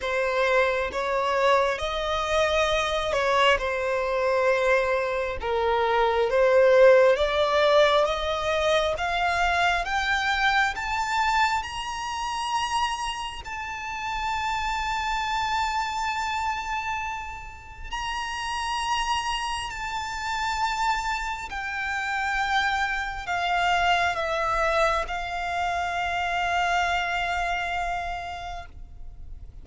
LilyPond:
\new Staff \with { instrumentName = "violin" } { \time 4/4 \tempo 4 = 67 c''4 cis''4 dis''4. cis''8 | c''2 ais'4 c''4 | d''4 dis''4 f''4 g''4 | a''4 ais''2 a''4~ |
a''1 | ais''2 a''2 | g''2 f''4 e''4 | f''1 | }